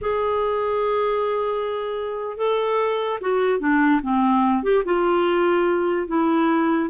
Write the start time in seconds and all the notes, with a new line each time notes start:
0.01 G#4
2.37 A4
3.20 F#4
3.59 D4
4.02 C4
4.63 G4
4.84 F4
6.07 E4